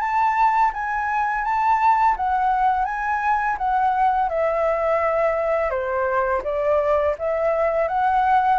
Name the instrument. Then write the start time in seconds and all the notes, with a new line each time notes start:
flute
0.00 A5
0.73 G#5
1.44 A5
2.17 F#5
2.85 G#5
3.57 F#5
4.29 E5
5.70 C5
6.44 D5
7.19 E5
7.88 F#5